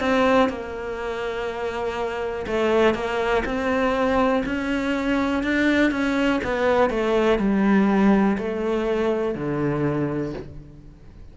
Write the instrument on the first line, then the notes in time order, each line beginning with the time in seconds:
cello
0.00 C4
0.49 A#3
2.46 A3
2.94 A#3
3.45 C4
4.45 C#4
5.43 D4
5.91 C#4
6.44 B3
6.90 A3
7.39 G3
8.38 A3
9.35 D3